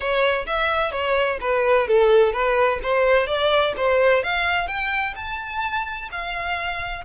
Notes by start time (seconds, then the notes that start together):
0.00 C#5
0.46 E5
0.91 C#5
1.40 B4
1.87 A4
2.32 B4
2.83 C5
3.26 D5
3.76 C5
4.23 F5
4.67 G5
5.15 A5
6.11 F5